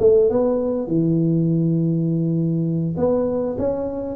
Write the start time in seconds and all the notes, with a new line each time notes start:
0.00 A3
0.30 B3
0.87 E3
2.97 B3
3.58 C#4